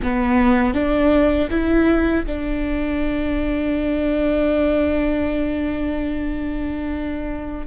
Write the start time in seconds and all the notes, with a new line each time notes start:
0.02 B3
0.74 D4
1.50 E4
2.26 D4